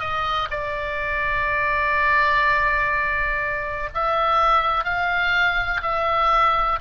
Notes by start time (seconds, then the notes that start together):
0.00 D#5
0.51 D5
3.95 E5
4.84 F5
5.82 E5